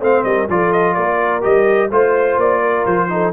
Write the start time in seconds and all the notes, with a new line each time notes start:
0.00 A3 C4 C5 F5
0.23 G3 A#4 D#5
0.48 F3 F4 A4 D5
0.72 D#5
0.94 A#3 A#4 D5
1.41 G3 G4 D#5
1.90 A3 F4 C5
2.37 A#3 D5
2.61 A#4
2.85 F3 C5
3.09 D#4 A4